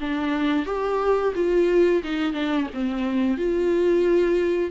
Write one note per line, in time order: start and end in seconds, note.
0.00 0.66 D4
0.66 1.33 G4
1.35 2.02 F4
2.03 2.33 D#4
2.33 2.67 D4
2.73 3.37 C4
3.37 4.70 F4